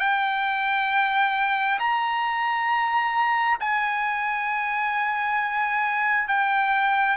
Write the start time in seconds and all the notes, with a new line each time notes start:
0.00 G5
1.80 A#5
3.60 G#5
6.28 G5